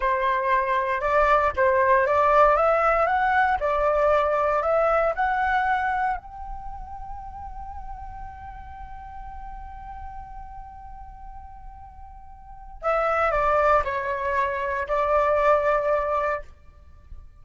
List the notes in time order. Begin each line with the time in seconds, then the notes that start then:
0.00 C5
1.00 D5
1.56 C5
2.06 D5
2.56 E5
3.06 F#5
3.59 D5
4.62 E5
5.15 F#5
6.17 G5
12.82 E5
13.31 D5
13.84 C#5
14.88 D5